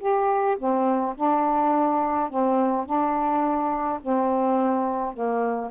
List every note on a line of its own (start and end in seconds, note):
0.00 0.57 G4
0.58 1.15 C4
1.16 2.30 D4
2.30 2.86 C4
2.86 4.00 D4
4.02 5.14 C4
5.14 5.71 A#3